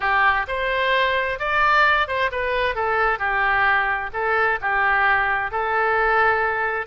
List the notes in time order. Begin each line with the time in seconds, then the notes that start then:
0.00 G4
0.47 C5
1.39 D5
2.07 C5
2.31 B4
2.75 A4
3.18 G4
4.13 A4
4.61 G4
5.51 A4